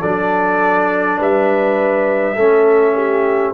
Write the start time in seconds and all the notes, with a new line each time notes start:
0.00 F#3 D4 A4 D5
1.19 G3 B4 E5
2.36 A3 C#4 A4
2.96 G4